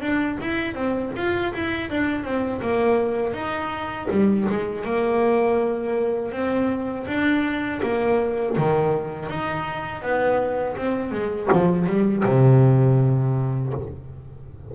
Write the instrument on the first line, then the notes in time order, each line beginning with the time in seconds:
double bass
0.00 D4
0.40 E4
0.74 C4
1.16 F4
1.53 E4
1.90 D4
2.24 C4
2.61 A#3
3.33 D#4
4.10 G3
4.48 G#3
4.85 A#3
6.32 C4
7.07 D4
7.82 A#3
8.57 D#3
9.29 D#4
10.02 B3
10.76 C4
11.11 G#3
11.52 F3
11.86 G3
12.25 C3